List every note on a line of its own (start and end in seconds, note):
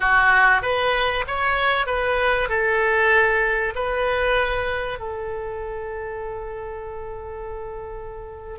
0.00 0.62 F#4
0.62 1.24 B4
1.27 1.86 C#5
1.86 2.48 B4
2.48 3.73 A4
3.75 4.99 B4
4.99 8.58 A4